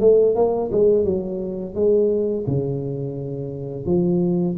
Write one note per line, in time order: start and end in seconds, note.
0.00 0.35 A3
0.35 0.71 A#3
0.72 1.05 G#3
1.05 1.75 F#3
1.75 2.45 G#3
2.47 3.86 C#3
3.86 4.57 F3